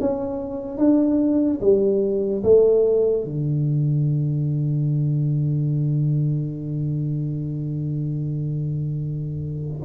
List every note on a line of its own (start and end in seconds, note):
0.00 0.78 C#4
0.78 1.60 D4
1.61 2.43 G3
2.44 3.24 A3
3.24 9.82 D3